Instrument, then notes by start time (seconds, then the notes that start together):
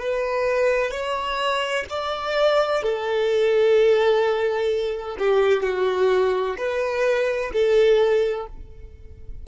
violin
0.00 B4
0.91 C#5
1.90 D5
2.83 A4
5.19 G4
5.63 F#4
6.58 B4
7.53 A4